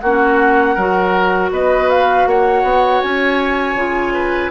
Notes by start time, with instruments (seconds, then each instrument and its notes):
0.00 bassoon A#3, clarinet C#4, oboe F#4, flute F#5
0.75 bassoon F#3, clarinet F#4, oboe A#4
1.51 bassoon B3, oboe B4, flute D#5
1.90 flute F5
2.26 bassoon A#3, oboe C#5, flute F#5
2.63 bassoon B3
3.01 bassoon C#4, flute G#5
3.74 bassoon C#3, clarinet F4
4.13 oboe B4